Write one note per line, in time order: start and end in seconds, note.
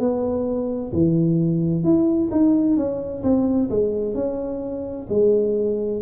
0.00 0.92 B3
0.93 1.84 E3
1.84 2.30 E4
2.32 2.77 D#4
2.77 3.23 C#4
3.23 3.70 C4
3.70 4.15 G#3
4.15 5.07 C#4
5.09 6.02 G#3